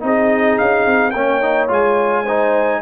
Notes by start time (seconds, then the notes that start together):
0.00 C4 D#4 G#4 D#5
0.58 C#4 F5
0.86 C4
1.10 A#3 C#4 C#5 G5
1.42 D#4
1.68 G#3 F4 G#5
2.23 D#4 C5